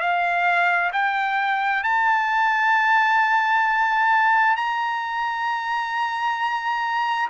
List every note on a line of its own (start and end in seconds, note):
0.00 0.91 F5
0.93 1.83 G5
1.83 4.56 A5
4.56 7.29 A#5